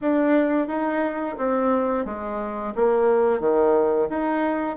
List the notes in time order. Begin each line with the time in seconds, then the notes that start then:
0.01 D4
0.67 D#4
1.38 C4
2.05 G#3
2.75 A#3
3.40 D#3
4.09 D#4